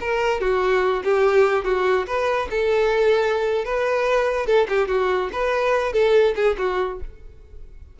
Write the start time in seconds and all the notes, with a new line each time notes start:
0.00 A#4
0.40 F#4
1.04 G4
1.64 F#4
2.06 B4
2.50 A4
3.65 B4
4.46 A4
4.68 G4
4.88 F#4
5.32 B4
5.93 A4
6.35 G#4
6.58 F#4